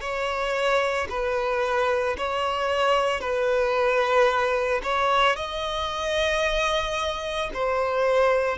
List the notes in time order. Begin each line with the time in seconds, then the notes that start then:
0.00 C#5
1.09 B4
2.17 C#5
3.20 B4
4.83 C#5
5.36 D#5
7.53 C5